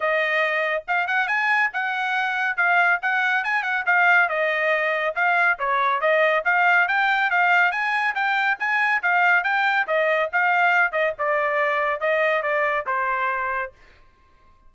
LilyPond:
\new Staff \with { instrumentName = "trumpet" } { \time 4/4 \tempo 4 = 140 dis''2 f''8 fis''8 gis''4 | fis''2 f''4 fis''4 | gis''8 fis''8 f''4 dis''2 | f''4 cis''4 dis''4 f''4 |
g''4 f''4 gis''4 g''4 | gis''4 f''4 g''4 dis''4 | f''4. dis''8 d''2 | dis''4 d''4 c''2 | }